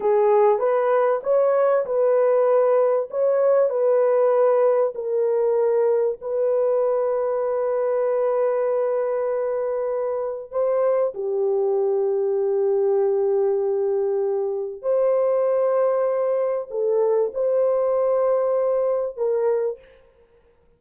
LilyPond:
\new Staff \with { instrumentName = "horn" } { \time 4/4 \tempo 4 = 97 gis'4 b'4 cis''4 b'4~ | b'4 cis''4 b'2 | ais'2 b'2~ | b'1~ |
b'4 c''4 g'2~ | g'1 | c''2. a'4 | c''2. ais'4 | }